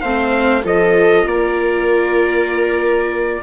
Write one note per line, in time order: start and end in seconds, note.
0.00 0.64 A3
0.00 0.62 C4
0.00 0.63 C5
0.00 0.62 F5
0.62 1.26 F3
0.62 3.41 F4
0.62 1.26 A4
0.62 1.27 D#5
1.26 3.42 A#3
1.26 3.42 A#4
1.26 3.42 D5